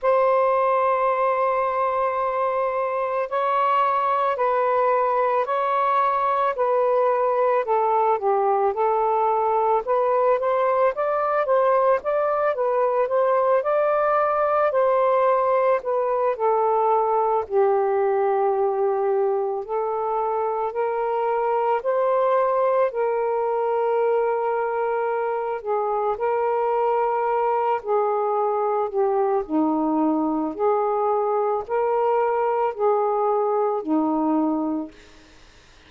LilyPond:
\new Staff \with { instrumentName = "saxophone" } { \time 4/4 \tempo 4 = 55 c''2. cis''4 | b'4 cis''4 b'4 a'8 g'8 | a'4 b'8 c''8 d''8 c''8 d''8 b'8 | c''8 d''4 c''4 b'8 a'4 |
g'2 a'4 ais'4 | c''4 ais'2~ ais'8 gis'8 | ais'4. gis'4 g'8 dis'4 | gis'4 ais'4 gis'4 dis'4 | }